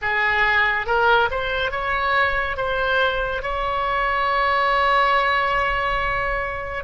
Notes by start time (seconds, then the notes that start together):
0.01 G#4
0.86 A#4
1.31 C5
1.71 C#5
2.56 C5
3.42 C#5